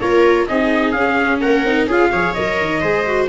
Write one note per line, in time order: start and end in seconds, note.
0.00 0.48 A#3
0.00 0.48 F4
0.00 0.48 A#4
0.00 0.47 C#5
0.47 0.94 C4
0.47 0.96 D#4
0.47 1.41 G#4
0.47 0.92 D#5
0.92 1.41 C#4
0.92 1.66 C#4
0.92 1.39 F5
1.40 1.64 A#3
1.40 1.87 A#4
1.40 1.87 F#5
1.64 1.87 C4
1.64 1.89 D#4
1.87 2.10 C#4
1.87 2.12 F4
1.87 2.11 G#4
1.87 2.34 F5
2.12 2.36 F3
2.12 2.36 G#4
2.12 2.80 C#5
2.34 2.60 F#3
2.34 2.82 A#4
2.34 3.27 D#5
2.60 2.83 D#3
2.80 3.29 G#3
2.80 3.05 G#4
2.80 3.27 C5
3.06 3.29 F#4